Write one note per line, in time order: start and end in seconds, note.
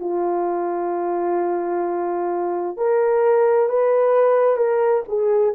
0.00 2.77 F4
2.77 3.69 A#4
3.69 4.57 B4
4.57 5.03 A#4
5.08 5.54 G#4